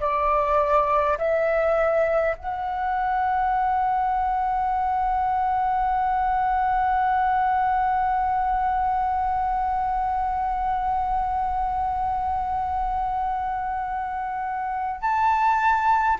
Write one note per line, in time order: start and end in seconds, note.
0.00 1.18 D5
1.18 2.36 E5
2.37 15.01 F#5
15.01 16.18 A5